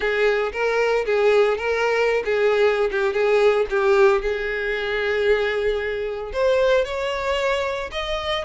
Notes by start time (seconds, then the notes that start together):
0.00 G#4
0.52 A#4
1.05 G#4
1.57 A#4
2.24 G#4
2.91 G4
3.13 G#4
3.70 G4
4.21 G#4
6.33 C5
6.84 C#5
7.91 D#5